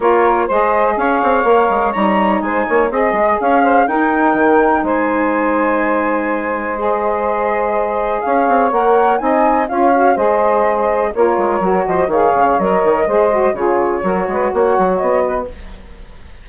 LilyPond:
<<
  \new Staff \with { instrumentName = "flute" } { \time 4/4 \tempo 4 = 124 cis''4 dis''4 f''2 | ais''4 gis''4 dis''4 f''4 | g''2 gis''2~ | gis''2 dis''2~ |
dis''4 f''4 fis''4 gis''4 | f''4 dis''2 cis''4~ | cis''8 dis''8 f''4 dis''2 | cis''2 fis''4 dis''4 | }
  \new Staff \with { instrumentName = "saxophone" } { \time 4/4 ais'4 c''4 cis''2~ | cis''4 c''8 cis''8 dis''4 cis''8 c''8 | ais'2 c''2~ | c''1~ |
c''4 cis''2 dis''4 | cis''4 c''2 ais'4~ | ais'8 c''8 cis''2 c''4 | gis'4 ais'8 b'8 cis''4. b'8 | }
  \new Staff \with { instrumentName = "saxophone" } { \time 4/4 f'4 gis'2 ais'4 | dis'2 gis'2 | dis'1~ | dis'2 gis'2~ |
gis'2 ais'4 dis'4 | f'8 fis'8 gis'2 f'4 | fis'4 gis'4 ais'4 gis'8 fis'8 | f'4 fis'2. | }
  \new Staff \with { instrumentName = "bassoon" } { \time 4/4 ais4 gis4 cis'8 c'8 ais8 gis8 | g4 gis8 ais8 c'8 gis8 cis'4 | dis'4 dis4 gis2~ | gis1~ |
gis4 cis'8 c'8 ais4 c'4 | cis'4 gis2 ais8 gis8 | fis8 f8 dis8 cis8 fis8 dis8 gis4 | cis4 fis8 gis8 ais8 fis8 b4 | }
>>